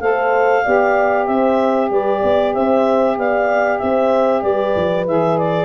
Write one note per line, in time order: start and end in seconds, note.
0.00 0.63 A3
0.00 0.64 A4
0.00 0.64 C5
0.00 1.26 F5
0.64 1.28 B3
0.64 5.06 G4
0.64 1.27 D5
1.26 1.90 C4
1.26 1.90 C5
1.26 1.89 E5
1.90 2.22 G3
1.90 2.20 B4
1.90 2.54 D5
2.20 2.55 B3
2.20 2.51 D5
2.54 3.17 C4
2.54 3.17 C5
2.54 3.17 E5
3.17 3.81 B3
3.17 3.82 D5
3.17 3.79 F5
3.79 4.42 C4
3.79 4.43 C5
3.79 4.42 E5
4.42 4.74 G3
4.42 5.65 B4
4.42 5.05 D5
4.76 5.07 F3
5.07 5.65 E3
5.07 5.65 G#4
5.07 5.38 E5
5.38 5.65 D5